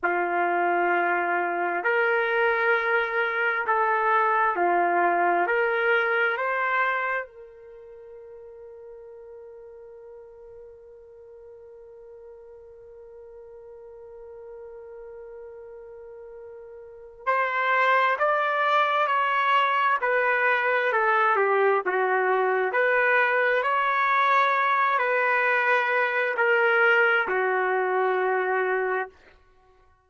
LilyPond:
\new Staff \with { instrumentName = "trumpet" } { \time 4/4 \tempo 4 = 66 f'2 ais'2 | a'4 f'4 ais'4 c''4 | ais'1~ | ais'1~ |
ais'2. c''4 | d''4 cis''4 b'4 a'8 g'8 | fis'4 b'4 cis''4. b'8~ | b'4 ais'4 fis'2 | }